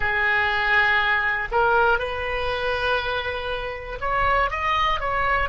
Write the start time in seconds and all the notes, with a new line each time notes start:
0.00 G#4
1.51 A#4
1.99 B4
4.00 C#5
4.50 D#5
5.00 C#5